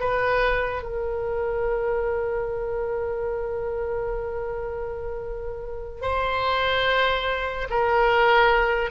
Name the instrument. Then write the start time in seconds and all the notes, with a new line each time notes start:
oboe
0.00 B4
0.83 A#4
6.02 C5
7.70 A#4